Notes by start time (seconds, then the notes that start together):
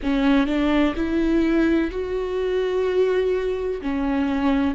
0.03 C#4
0.46 D4
0.95 E4
1.90 F#4
3.81 C#4